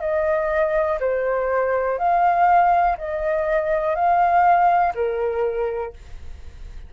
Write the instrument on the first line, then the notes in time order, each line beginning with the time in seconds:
flute
0.00 D#5
1.00 C5
1.98 F5
2.97 D#5
3.95 F5
4.94 A#4